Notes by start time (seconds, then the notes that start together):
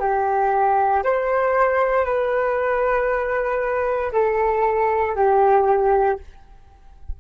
0.00 G4
1.04 C5
2.05 B4
4.13 A4
5.16 G4